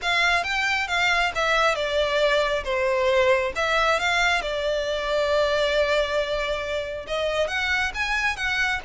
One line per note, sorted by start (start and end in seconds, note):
0.02 0.43 F5
0.43 0.87 G5
0.87 1.31 F5
1.35 1.75 E5
1.75 2.63 D5
2.64 3.52 C5
3.55 3.99 E5
3.99 4.41 F5
4.41 7.06 D5
7.07 7.47 D#5
7.47 7.92 F#5
7.94 8.36 G#5
8.36 8.80 F#5